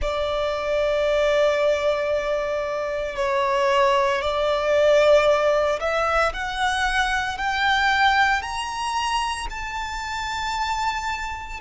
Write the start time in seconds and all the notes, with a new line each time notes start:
0.01 D5
3.16 C#5
4.21 D5
5.79 E5
6.33 F#5
7.37 G5
8.42 A#5
9.50 A5